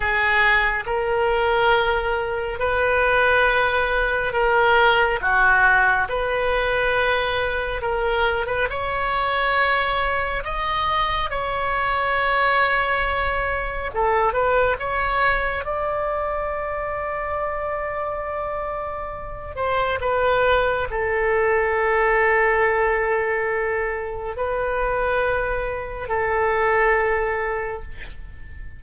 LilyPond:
\new Staff \with { instrumentName = "oboe" } { \time 4/4 \tempo 4 = 69 gis'4 ais'2 b'4~ | b'4 ais'4 fis'4 b'4~ | b'4 ais'8. b'16 cis''2 | dis''4 cis''2. |
a'8 b'8 cis''4 d''2~ | d''2~ d''8 c''8 b'4 | a'1 | b'2 a'2 | }